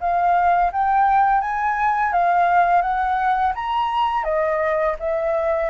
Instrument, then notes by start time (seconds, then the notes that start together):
flute
0.00 F5
0.72 G5
1.41 G#5
2.13 F5
2.81 F#5
3.55 A#5
4.24 D#5
4.99 E5